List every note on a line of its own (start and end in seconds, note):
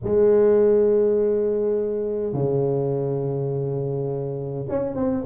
0.03 2.33 G#3
2.33 4.66 C#3
4.68 4.94 C#4
4.94 5.23 C4